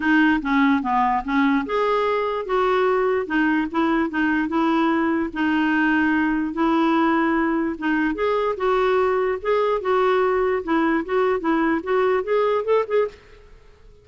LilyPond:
\new Staff \with { instrumentName = "clarinet" } { \time 4/4 \tempo 4 = 147 dis'4 cis'4 b4 cis'4 | gis'2 fis'2 | dis'4 e'4 dis'4 e'4~ | e'4 dis'2. |
e'2. dis'4 | gis'4 fis'2 gis'4 | fis'2 e'4 fis'4 | e'4 fis'4 gis'4 a'8 gis'8 | }